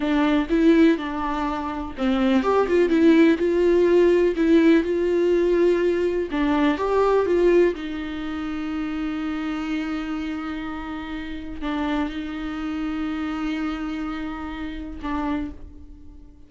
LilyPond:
\new Staff \with { instrumentName = "viola" } { \time 4/4 \tempo 4 = 124 d'4 e'4 d'2 | c'4 g'8 f'8 e'4 f'4~ | f'4 e'4 f'2~ | f'4 d'4 g'4 f'4 |
dis'1~ | dis'1 | d'4 dis'2.~ | dis'2. d'4 | }